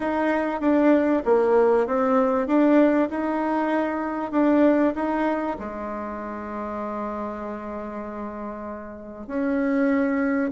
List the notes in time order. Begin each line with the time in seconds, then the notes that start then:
0.00 D#4
0.60 D4
1.25 A#3
1.87 C4
2.47 D4
3.09 D#4
4.31 D4
4.95 D#4
5.59 G#3
9.27 C#4